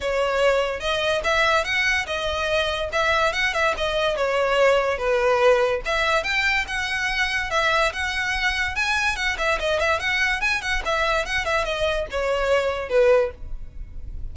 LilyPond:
\new Staff \with { instrumentName = "violin" } { \time 4/4 \tempo 4 = 144 cis''2 dis''4 e''4 | fis''4 dis''2 e''4 | fis''8 e''8 dis''4 cis''2 | b'2 e''4 g''4 |
fis''2 e''4 fis''4~ | fis''4 gis''4 fis''8 e''8 dis''8 e''8 | fis''4 gis''8 fis''8 e''4 fis''8 e''8 | dis''4 cis''2 b'4 | }